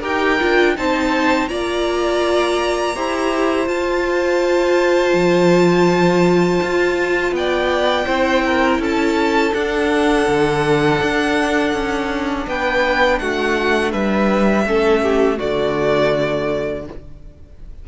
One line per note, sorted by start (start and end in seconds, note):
0.00 0.41 D#4
0.00 0.39 G4
0.00 0.73 A#4
0.00 0.77 G5
0.40 0.78 D4
0.40 0.76 F4
0.76 1.50 C4
0.76 1.48 D#4
0.76 1.50 C5
0.76 1.48 A5
1.48 2.96 A#3
1.48 2.94 F4
1.48 2.95 D5
1.48 3.68 A#5
2.95 3.68 E4
2.95 3.66 G4
2.95 7.34 C5
3.66 8.05 F4
3.66 5.13 F4
3.66 7.34 A5
5.13 6.60 F3
6.63 7.32 F4
7.32 8.05 B3
7.32 8.82 G5
7.38 8.06 D5
8.06 8.79 C4
8.06 9.52 E4
8.06 8.43 C5
8.46 8.80 A#4
8.79 9.52 C#4
8.79 12.46 A4
8.79 9.54 A5
9.53 14.66 D4
9.53 10.27 D4
9.53 12.47 F#5
10.28 11.01 D3
11.02 11.73 D4
11.73 12.46 C#4
12.47 13.20 B3
12.47 13.21 B4
12.47 13.19 G5
13.19 13.93 A3
13.19 13.91 F#4
13.19 13.92 F#5
13.91 14.66 G3
13.91 14.64 B4
13.91 15.39 E5
14.66 15.39 A3
14.66 15.37 C#4
14.66 15.03 A4
15.03 15.38 G4
15.37 16.88 D3
15.37 16.84 A3
15.37 16.84 F#4
15.37 16.86 D5